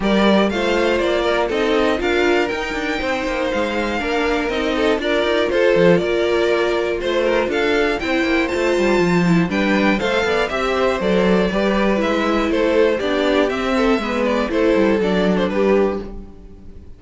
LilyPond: <<
  \new Staff \with { instrumentName = "violin" } { \time 4/4 \tempo 4 = 120 d''4 f''4 d''4 dis''4 | f''4 g''2 f''4~ | f''4 dis''4 d''4 c''4 | d''2 c''4 f''4 |
g''4 a''2 g''4 | f''4 e''4 d''2 | e''4 c''4 d''4 e''4~ | e''8 d''8 c''4 d''8. c''16 b'4 | }
  \new Staff \with { instrumentName = "violin" } { \time 4/4 ais'4 c''4. ais'8 a'4 | ais'2 c''2 | ais'4. a'8 ais'4 a'4 | ais'2 c''8 ais'8 a'4 |
c''2. b'4 | c''8 d''8 e''8 c''4. b'4~ | b'4 a'4 g'4. a'8 | b'4 a'2 g'4 | }
  \new Staff \with { instrumentName = "viola" } { \time 4/4 g'4 f'2 dis'4 | f'4 dis'2. | d'4 dis'4 f'2~ | f'1 |
e'4 f'4. e'8 d'4 | a'4 g'4 a'4 g'4 | e'2 d'4 c'4 | b4 e'4 d'2 | }
  \new Staff \with { instrumentName = "cello" } { \time 4/4 g4 a4 ais4 c'4 | d'4 dis'8 d'8 c'8 ais8 gis4 | ais4 c'4 d'8 dis'8 f'8 f8 | ais2 a4 d'4 |
c'8 ais8 a8 g8 f4 g4 | a8 b8 c'4 fis4 g4 | gis4 a4 b4 c'4 | gis4 a8 g8 fis4 g4 | }
>>